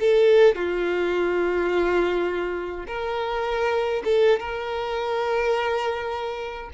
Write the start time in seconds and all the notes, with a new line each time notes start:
0.00 A4
0.55 F4
2.87 A#4
4.05 A4
4.40 A#4